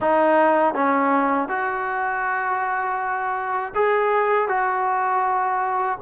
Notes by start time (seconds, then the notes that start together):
0.00 D#4
0.74 C#4
1.48 F#4
3.74 G#4
4.48 F#4